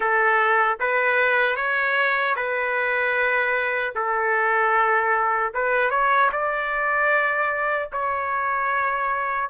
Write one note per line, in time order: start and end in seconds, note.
0.00 0.78 A4
0.79 1.56 B4
1.56 2.35 C#5
2.35 3.93 B4
3.95 5.53 A4
5.53 5.90 B4
5.90 6.29 C#5
6.32 7.89 D5
7.92 9.49 C#5